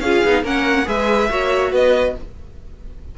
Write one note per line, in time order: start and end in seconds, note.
0.00 0.22 C#4
0.00 0.26 F4
0.00 0.44 G#4
0.00 0.43 F5
0.25 0.43 B3
0.25 0.44 D#4
0.43 0.86 A#3
0.43 0.85 C#4
0.43 0.87 A#4
0.43 0.88 F#5
0.85 1.30 G#3
0.85 1.27 G#4
0.85 1.30 B4
0.85 1.74 E5
1.29 1.72 A#3
1.29 2.15 F#4
1.29 1.72 C#5
1.72 2.15 B3
1.72 2.15 B4
1.72 2.17 D#5